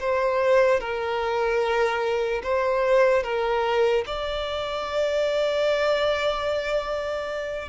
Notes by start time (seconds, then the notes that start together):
0.00 C5
0.80 A#4
2.43 C5
3.24 A#4
4.07 D5